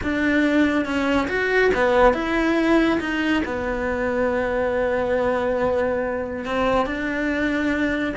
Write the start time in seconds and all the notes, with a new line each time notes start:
0.03 D4
0.85 C#4
1.28 F#4
1.74 B3
2.13 E4
3.00 D#4
3.45 B3
6.45 C4
6.86 D4